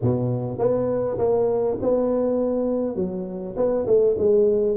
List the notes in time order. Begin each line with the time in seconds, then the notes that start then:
0.01 B2
0.58 B3
1.17 A#3
1.81 B3
2.95 F#3
3.56 B3
3.86 A3
4.17 G#3